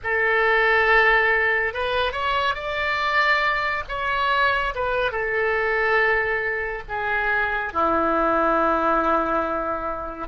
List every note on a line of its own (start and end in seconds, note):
0.03 1.73 A4
1.73 2.12 B4
2.12 2.54 C#5
2.54 3.83 D5
3.88 4.74 C#5
4.74 5.11 B4
5.11 6.83 A4
6.88 7.73 G#4
7.73 10.28 E4